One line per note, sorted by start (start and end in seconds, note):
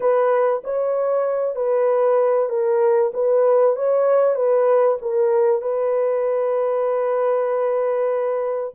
0.00 0.62 B4
0.64 1.55 C#5
1.55 2.49 B4
2.49 3.11 A#4
3.13 3.76 B4
3.76 4.35 C#5
4.35 4.97 B4
5.01 5.61 A#4
5.61 8.74 B4